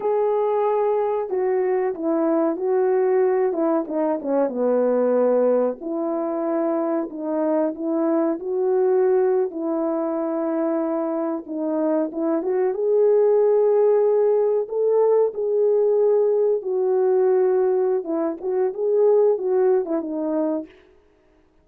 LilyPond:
\new Staff \with { instrumentName = "horn" } { \time 4/4 \tempo 4 = 93 gis'2 fis'4 e'4 | fis'4. e'8 dis'8 cis'8 b4~ | b4 e'2 dis'4 | e'4 fis'4.~ fis'16 e'4~ e'16~ |
e'4.~ e'16 dis'4 e'8 fis'8 gis'16~ | gis'2~ gis'8. a'4 gis'16~ | gis'4.~ gis'16 fis'2~ fis'16 | e'8 fis'8 gis'4 fis'8. e'16 dis'4 | }